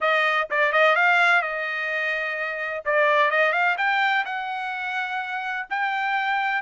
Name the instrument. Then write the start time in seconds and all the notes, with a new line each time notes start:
trumpet
0.00 D#5
0.50 D5
0.72 D#5
0.95 F5
1.42 D#5
2.85 D5
3.30 D#5
3.52 F5
3.77 G5
4.25 F#5
5.70 G5